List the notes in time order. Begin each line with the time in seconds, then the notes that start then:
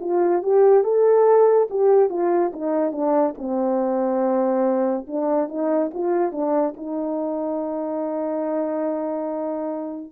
0.00 F4
0.43 G4
0.84 A4
1.70 G4
2.09 F4
2.53 D#4
2.92 D4
3.38 C4
5.07 D4
5.49 D#4
5.93 F4
6.32 D4
6.77 D#4